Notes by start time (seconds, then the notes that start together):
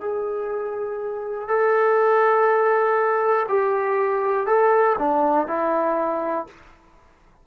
0.00 G#4
1.48 A4
3.48 G4
4.47 A4
4.98 D4
5.47 E4